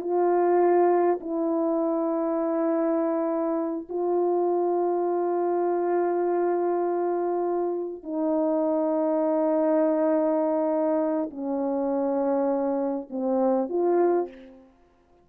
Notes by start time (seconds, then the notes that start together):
0.00 F4
1.20 E4
3.89 F4
8.03 D#4
11.30 C#4
13.10 C4
13.69 F4